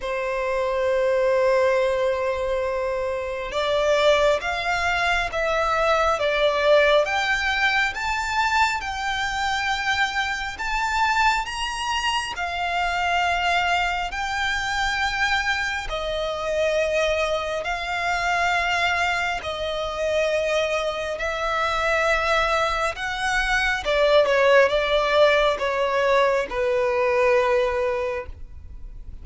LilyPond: \new Staff \with { instrumentName = "violin" } { \time 4/4 \tempo 4 = 68 c''1 | d''4 f''4 e''4 d''4 | g''4 a''4 g''2 | a''4 ais''4 f''2 |
g''2 dis''2 | f''2 dis''2 | e''2 fis''4 d''8 cis''8 | d''4 cis''4 b'2 | }